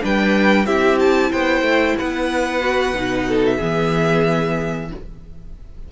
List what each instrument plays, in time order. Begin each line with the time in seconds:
0.00 cello G3, viola D4, violin B4 G5
0.66 cello C4, viola E4, violin G4 E5
0.99 violin A5
1.30 cello B3, violin C5 G5
1.61 cello A3
1.98 cello B3, violin B4 F#5
2.60 viola F#4
2.94 cello B2, viola D#4
3.28 violin A4
3.45 violin E5
3.56 cello E3, viola B3, violin G#4